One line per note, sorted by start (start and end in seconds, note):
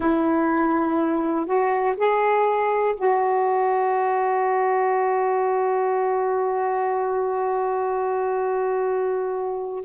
0.00 1.46 E4
1.46 1.95 F#4
1.96 2.95 G#4
2.96 9.84 F#4